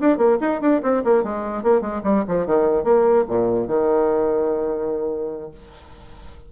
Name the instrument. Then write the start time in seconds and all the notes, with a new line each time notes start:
bassoon
0.00 D4
0.17 A#3
0.40 D#4
0.61 D4
0.82 C4
1.04 A#3
1.23 G#3
1.63 A#3
1.81 G#3
2.03 G3
2.27 F3
2.46 D#3
2.83 A#3
3.28 A#2
3.67 D#3